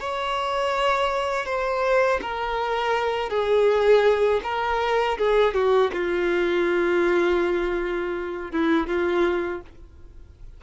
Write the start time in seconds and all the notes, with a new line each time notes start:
0.00 C#5
1.46 C5
2.22 A#4
3.30 G#4
4.43 A#4
5.18 G#4
5.54 F#4
5.93 F4
8.52 E4
8.87 F4